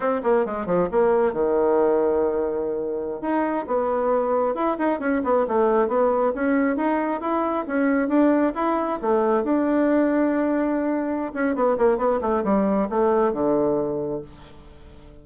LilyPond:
\new Staff \with { instrumentName = "bassoon" } { \time 4/4 \tempo 4 = 135 c'8 ais8 gis8 f8 ais4 dis4~ | dis2.~ dis16 dis'8.~ | dis'16 b2 e'8 dis'8 cis'8 b16~ | b16 a4 b4 cis'4 dis'8.~ |
dis'16 e'4 cis'4 d'4 e'8.~ | e'16 a4 d'2~ d'8.~ | d'4. cis'8 b8 ais8 b8 a8 | g4 a4 d2 | }